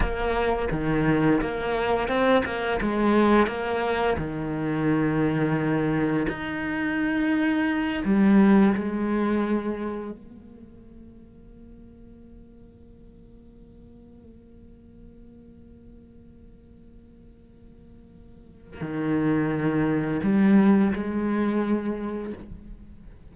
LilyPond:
\new Staff \with { instrumentName = "cello" } { \time 4/4 \tempo 4 = 86 ais4 dis4 ais4 c'8 ais8 | gis4 ais4 dis2~ | dis4 dis'2~ dis'8 g8~ | g8 gis2 ais4.~ |
ais1~ | ais1~ | ais2. dis4~ | dis4 g4 gis2 | }